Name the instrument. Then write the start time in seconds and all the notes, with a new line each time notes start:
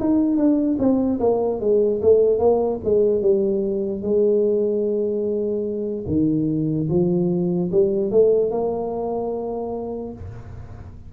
tuba
0.00 D#4
0.37 D4
0.80 C4
1.20 A#3
1.61 G#3
2.02 A3
2.40 A#3
2.85 G#3
3.22 G3
4.02 G#3
6.07 D#3
6.90 F3
7.72 G3
8.11 A3
8.51 A#3